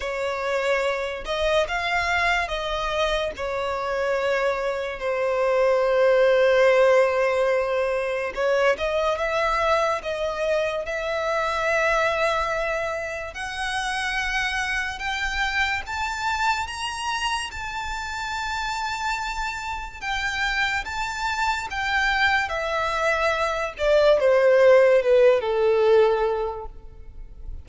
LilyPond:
\new Staff \with { instrumentName = "violin" } { \time 4/4 \tempo 4 = 72 cis''4. dis''8 f''4 dis''4 | cis''2 c''2~ | c''2 cis''8 dis''8 e''4 | dis''4 e''2. |
fis''2 g''4 a''4 | ais''4 a''2. | g''4 a''4 g''4 e''4~ | e''8 d''8 c''4 b'8 a'4. | }